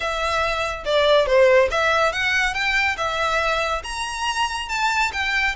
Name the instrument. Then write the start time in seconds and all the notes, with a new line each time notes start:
violin
0.00 E5
0.85 D5
1.26 C5
1.70 E5
2.12 F#5
2.54 G5
2.97 E5
3.83 A#5
4.68 A5
5.13 G5